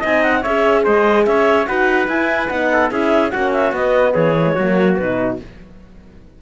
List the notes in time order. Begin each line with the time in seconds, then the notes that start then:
0.00 C4 D#4 D#5 G#5
0.23 F#5
0.42 C#4 G#4 C#5 E5
0.84 G#3 C5 D#5
1.25 C#4 C#5 E5
1.67 D#4 F#4 B4 F#5
2.08 E4 G#5
2.49 B3 D#4 F#5
2.72 A4
2.91 C#4 E4 G#4 E5
3.30 A#3 C#4 F#4 F#5
3.52 E5
3.72 B3 D#5
4.14 E3 G#4 C#5
4.41 G#3 A#3
4.55 F#3 A#3 F#4
4.96 B2 D#4 B4